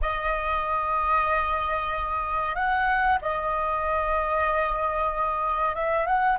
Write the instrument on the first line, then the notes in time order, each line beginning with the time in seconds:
flute
0.01 D#5
2.55 F#5
3.21 D#5
5.75 E5
6.06 F#5